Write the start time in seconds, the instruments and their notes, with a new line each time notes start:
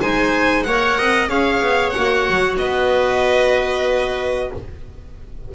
0.00 double bass G#3, clarinet D#4, viola C5, violin G#5
0.63 double bass A#3, clarinet A#4, viola C#5, violin F#5
0.98 double bass C4, viola D#5
1.28 double bass C#4, clarinet G#4, viola C#5, violin F5
1.61 double bass B3
1.90 clarinet F#4, violin F#5
1.97 double bass A#3
2.29 double bass F#3
2.57 double bass B3, viola B4, violin D#5